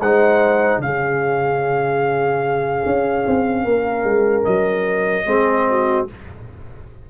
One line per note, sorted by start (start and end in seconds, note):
0.00 0.79 G#3
0.00 0.83 D#4
0.00 0.82 C5
0.00 0.81 F#5
0.79 2.81 C#3
0.79 5.27 C#4
0.79 4.45 F5
0.85 3.67 G#4
2.86 3.26 C#4
3.27 3.65 C4
3.65 4.04 A#3
3.65 5.26 A#4
4.04 4.45 G#3
4.45 5.26 F#3
4.45 6.07 D#5
5.26 6.07 G#3
5.26 6.08 C4
5.26 5.67 G#4
5.70 6.10 F#4